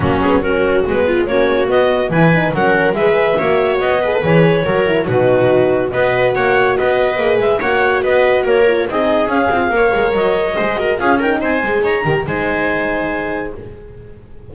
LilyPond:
<<
  \new Staff \with { instrumentName = "clarinet" } { \time 4/4 \tempo 4 = 142 fis'8 gis'8 ais'4 b'4 cis''4 | dis''4 gis''4 fis''4 e''4~ | e''4 dis''4 cis''2 | b'2 dis''4 fis''4 |
dis''4. e''8 fis''4 dis''4 | cis''4 dis''4 f''2 | dis''2 f''8 g''8 gis''4 | ais''4 gis''2. | }
  \new Staff \with { instrumentName = "viola" } { \time 4/4 cis'4 fis'4. f'8 fis'4~ | fis'4 b'4 ais'4 b'4 | cis''4. b'4. ais'4 | fis'2 b'4 cis''4 |
b'2 cis''4 b'4 | ais'4 gis'2 cis''4~ | cis''4 c''8 ais'8 gis'8 ais'8 c''4 | cis''8 ais'8 c''2. | }
  \new Staff \with { instrumentName = "horn" } { \time 4/4 ais8 b8 cis'4 b4 cis'4 | b4 e'8 dis'8 cis'4 gis'4 | fis'4. gis'16 a'16 gis'4 fis'8 e'8 | dis'2 fis'2~ |
fis'4 gis'4 fis'2~ | fis'8 f'8 dis'4 cis'8 f'8 ais'4~ | ais'4 gis'8 fis'8 f'8 dis'4 gis'8~ | gis'8 g'8 dis'2. | }
  \new Staff \with { instrumentName = "double bass" } { \time 4/4 fis2 gis4 ais4 | b4 e4 fis4 gis4 | ais4 b4 e4 fis4 | b,2 b4 ais4 |
b4 ais8 gis8 ais4 b4 | ais4 c'4 cis'8 c'8 ais8 gis8 | fis4 gis4 cis'4 c'8 gis8 | dis'8 dis8 gis2. | }
>>